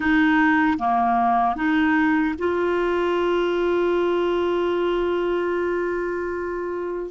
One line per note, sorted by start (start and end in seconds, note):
0.00 0.77 D#4
0.78 1.55 A#3
1.55 2.34 D#4
2.38 7.11 F4